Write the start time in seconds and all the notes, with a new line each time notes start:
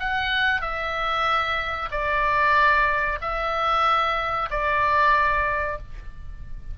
0.00 F#5
0.62 E5
1.92 D5
3.22 E5
4.51 D5